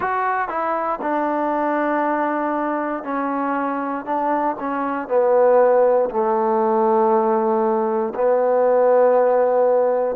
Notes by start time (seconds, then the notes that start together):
0.00 F#4
0.48 E4
1.01 D4
3.03 C#4
4.04 D4
4.59 C#4
5.08 B3
6.10 A3
8.14 B3